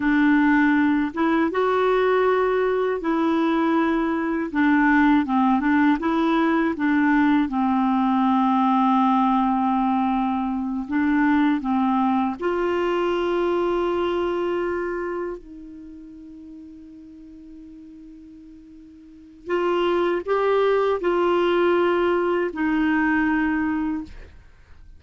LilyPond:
\new Staff \with { instrumentName = "clarinet" } { \time 4/4 \tempo 4 = 80 d'4. e'8 fis'2 | e'2 d'4 c'8 d'8 | e'4 d'4 c'2~ | c'2~ c'8 d'4 c'8~ |
c'8 f'2.~ f'8~ | f'8 dis'2.~ dis'8~ | dis'2 f'4 g'4 | f'2 dis'2 | }